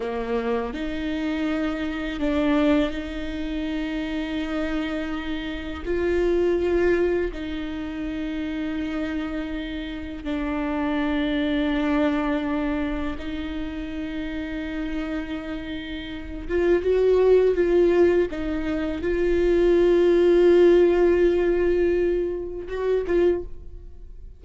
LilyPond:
\new Staff \with { instrumentName = "viola" } { \time 4/4 \tempo 4 = 82 ais4 dis'2 d'4 | dis'1 | f'2 dis'2~ | dis'2 d'2~ |
d'2 dis'2~ | dis'2~ dis'8 f'8 fis'4 | f'4 dis'4 f'2~ | f'2. fis'8 f'8 | }